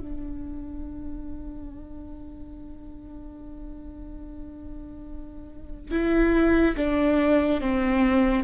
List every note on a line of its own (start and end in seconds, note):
0.00 5.92 D4
5.92 6.76 E4
6.77 7.61 D4
7.61 8.45 C4